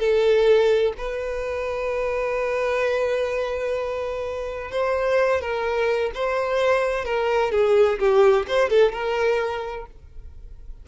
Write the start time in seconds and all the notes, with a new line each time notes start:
0.00 A4
0.98 B4
4.72 C5
5.41 A#4
6.15 C5
7.05 A#4
7.52 G#4
8.00 G4
8.48 C5
8.70 A4
8.93 A#4